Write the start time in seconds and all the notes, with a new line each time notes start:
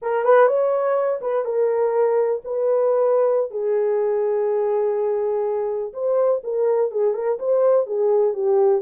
0.02 A#4
0.24 B4
0.47 C#5
1.21 B4
1.44 A#4
2.44 B4
3.50 G#4
5.93 C5
6.43 A#4
6.91 G#4
7.13 A#4
7.39 C5
7.86 G#4
8.33 G4